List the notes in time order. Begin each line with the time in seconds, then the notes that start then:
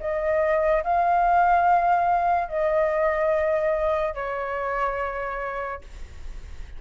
0.00 D#5
0.83 F5
2.48 D#5
4.14 C#5